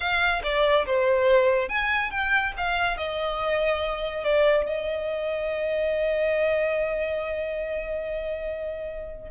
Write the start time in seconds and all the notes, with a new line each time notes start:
0.00 F5
0.43 D5
0.85 C5
1.69 G#5
2.10 G5
2.57 F5
2.97 D#5
4.24 D5
4.66 D#5